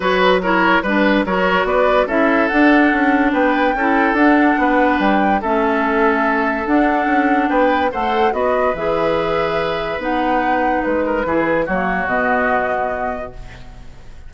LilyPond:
<<
  \new Staff \with { instrumentName = "flute" } { \time 4/4 \tempo 4 = 144 cis''8 b'8 cis''4 b'4 cis''4 | d''4 e''4 fis''2 | g''2 fis''2 | g''4 e''2. |
fis''2 g''4 fis''4 | dis''4 e''2. | fis''2 b'2 | cis''4 dis''2. | }
  \new Staff \with { instrumentName = "oboe" } { \time 4/4 b'4 ais'4 b'4 ais'4 | b'4 a'2. | b'4 a'2 b'4~ | b'4 a'2.~ |
a'2 b'4 c''4 | b'1~ | b'2~ b'8 ais'8 gis'4 | fis'1 | }
  \new Staff \with { instrumentName = "clarinet" } { \time 4/4 fis'4 e'4 d'4 fis'4~ | fis'4 e'4 d'2~ | d'4 e'4 d'2~ | d'4 cis'2. |
d'2. a'4 | fis'4 gis'2. | dis'2. e'4 | ais4 b2. | }
  \new Staff \with { instrumentName = "bassoon" } { \time 4/4 fis2 g4 fis4 | b4 cis'4 d'4 cis'4 | b4 cis'4 d'4 b4 | g4 a2. |
d'4 cis'4 b4 a4 | b4 e2. | b2 gis4 e4 | fis4 b,2. | }
>>